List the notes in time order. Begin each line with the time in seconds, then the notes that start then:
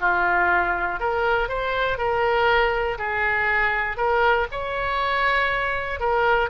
0.00 F4
1.00 A#4
1.48 C5
1.97 A#4
2.98 G#4
3.97 A#4
4.51 C#5
6.00 A#4